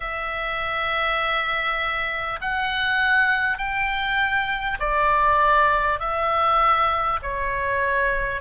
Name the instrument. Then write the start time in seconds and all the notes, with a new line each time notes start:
oboe
0.00 E5
2.41 F#5
3.57 G5
4.79 D5
5.99 E5
7.22 C#5